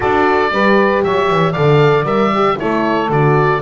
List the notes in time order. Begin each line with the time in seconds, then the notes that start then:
0.00 D4 F#4 A4 D5
0.51 G3 G4 B4
1.03 F#3 C#5 E5
1.30 E3
1.51 D3 A4 D5 F5
2.03 G3 A#4 E5
2.34 G4
2.56 A3 E4 A4 C#5
3.09 D3 F#4 D5